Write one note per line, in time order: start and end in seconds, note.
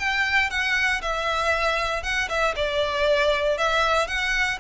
0.00 0.51 G5
0.51 1.02 F#5
1.03 2.03 E5
2.03 2.29 F#5
2.30 2.55 E5
2.56 3.58 D5
3.58 4.08 E5
4.08 4.59 F#5